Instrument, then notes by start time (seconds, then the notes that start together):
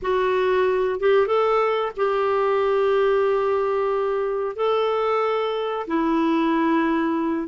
clarinet
0.02 F#4
1.00 G4
1.26 A4
1.96 G4
4.56 A4
5.87 E4